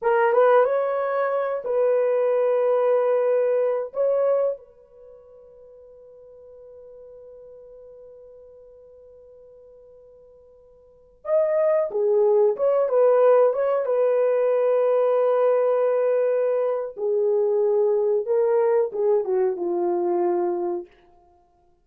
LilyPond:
\new Staff \with { instrumentName = "horn" } { \time 4/4 \tempo 4 = 92 ais'8 b'8 cis''4. b'4.~ | b'2 cis''4 b'4~ | b'1~ | b'1~ |
b'4~ b'16 dis''4 gis'4 cis''8 b'16~ | b'8. cis''8 b'2~ b'8.~ | b'2 gis'2 | ais'4 gis'8 fis'8 f'2 | }